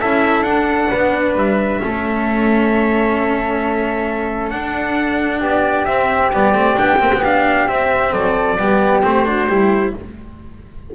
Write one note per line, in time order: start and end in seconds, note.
0.00 0.41 C#4
0.00 0.45 E4
0.00 0.90 A4
0.00 0.42 E5
0.41 0.86 D4
0.41 1.80 D4
0.41 1.33 F#5
0.90 1.35 B3
0.90 1.80 B4
1.35 1.80 G3
1.35 4.50 E5
1.80 4.52 A3
1.80 4.50 C#4
1.80 5.40 A4
4.50 5.86 D4
4.50 5.40 D4
4.50 5.40 F#5
5.40 5.85 B3
5.40 8.10 G4
5.40 5.85 D5
5.85 6.31 C4
5.85 6.32 C4
5.85 6.30 E5
6.32 6.53 G3
6.32 6.54 B3
6.32 6.78 D5
6.53 6.76 A3
6.53 6.76 C4
6.76 7.00 B3
6.76 6.98 D4
6.76 7.23 G5
6.98 7.11 A#3
6.98 7.21 C4
7.13 7.67 B3
7.24 7.67 D4
7.24 7.68 F5
7.67 8.11 C4
7.67 8.58 C4
7.67 8.12 E5
8.11 8.56 F#3
8.11 8.57 A4
8.11 9.02 D5
8.57 9.02 G3
8.57 9.02 B3
8.57 9.26 G4
9.02 9.48 A3
9.02 9.25 C4
9.02 9.94 C5
9.25 9.48 D4
9.25 9.48 F#4
9.48 9.93 G3
9.48 9.94 E4
9.48 9.93 G4